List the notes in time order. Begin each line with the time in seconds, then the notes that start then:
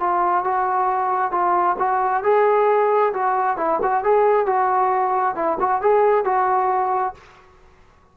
0.00 F4
0.45 F#4
1.31 F4
1.79 F#4
2.23 G#4
3.14 F#4
3.57 E4
3.82 F#4
4.04 G#4
4.46 F#4
5.35 E4
5.60 F#4
5.81 G#4
6.25 F#4